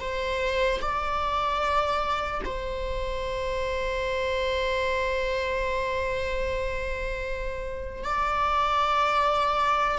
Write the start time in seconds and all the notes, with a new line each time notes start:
0.00 C5
0.81 D5
2.45 C5
8.04 D5